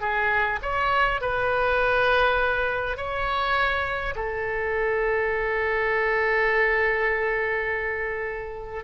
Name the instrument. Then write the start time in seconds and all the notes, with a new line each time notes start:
oboe
0.00 G#4
0.62 C#5
1.20 B4
2.97 C#5
4.15 A4